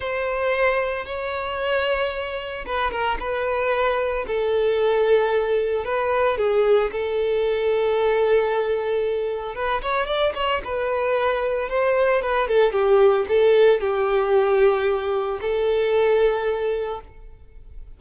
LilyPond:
\new Staff \with { instrumentName = "violin" } { \time 4/4 \tempo 4 = 113 c''2 cis''2~ | cis''4 b'8 ais'8 b'2 | a'2. b'4 | gis'4 a'2.~ |
a'2 b'8 cis''8 d''8 cis''8 | b'2 c''4 b'8 a'8 | g'4 a'4 g'2~ | g'4 a'2. | }